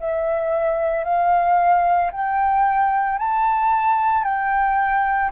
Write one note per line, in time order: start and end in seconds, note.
0.00 1.04 E5
1.04 2.11 F5
2.11 3.18 G5
3.18 4.24 A5
4.24 5.31 G5